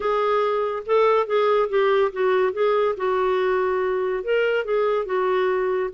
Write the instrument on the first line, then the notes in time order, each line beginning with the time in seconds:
clarinet
0.00 G#4
0.85 A4
1.26 G#4
1.69 G4
2.12 F#4
2.52 G#4
2.96 F#4
4.23 A#4
4.64 G#4
5.05 F#4